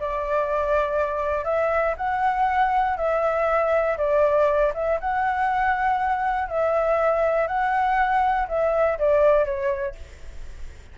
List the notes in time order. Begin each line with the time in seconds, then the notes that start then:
0.00 D5
1.45 E5
1.97 F#5
2.97 E5
3.97 D5
4.74 E5
5.00 F#5
6.49 E5
7.47 F#5
8.48 E5
8.99 D5
9.45 C#5